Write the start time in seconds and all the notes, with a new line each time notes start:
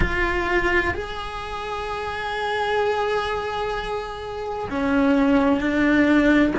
0.00 F4
0.94 G#4
4.70 C#4
5.60 D4